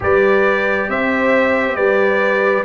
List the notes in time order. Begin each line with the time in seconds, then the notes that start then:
0.00 G3 G4 B4 D5
0.88 C4 C5 E5
1.75 G3 B4 D5